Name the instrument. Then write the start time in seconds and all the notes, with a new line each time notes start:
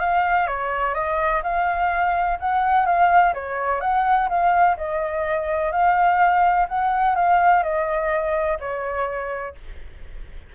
flute
0.00 F5
0.48 C#5
0.95 D#5
1.44 F5
2.40 F#5
2.86 F5
3.34 C#5
3.81 F#5
4.29 F5
4.77 D#5
5.73 F5
6.69 F#5
7.16 F5
7.63 D#5
8.60 C#5